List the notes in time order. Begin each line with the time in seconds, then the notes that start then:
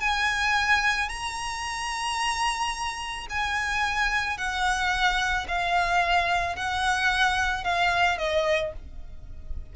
0.00 G#5
1.09 A#5
3.30 G#5
4.37 F#5
5.48 F5
6.56 F#5
7.64 F5
8.18 D#5